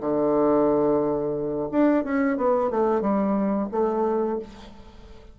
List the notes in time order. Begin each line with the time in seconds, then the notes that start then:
0.00 D3
1.71 D4
2.03 C#4
2.37 B3
2.70 A3
3.01 G3
3.71 A3